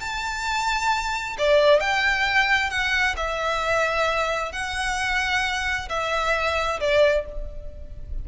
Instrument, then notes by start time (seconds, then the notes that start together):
violin
0.00 A5
1.38 D5
1.80 G5
2.70 F#5
3.16 E5
4.52 F#5
5.89 E5
6.80 D5